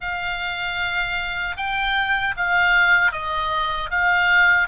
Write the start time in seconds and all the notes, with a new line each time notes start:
0.00 F5
1.56 G5
2.36 F5
3.12 D#5
3.90 F5